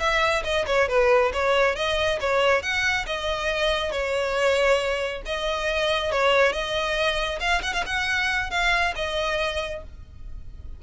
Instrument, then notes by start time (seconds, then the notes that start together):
violin
0.00 E5
0.44 D#5
0.67 C#5
0.89 B4
1.34 C#5
1.76 D#5
2.21 C#5
2.63 F#5
3.07 D#5
3.92 C#5
5.26 D#5
6.12 C#5
6.53 D#5
7.40 F5
7.63 F#5
7.74 F5
7.86 F#5
8.51 F5
8.96 D#5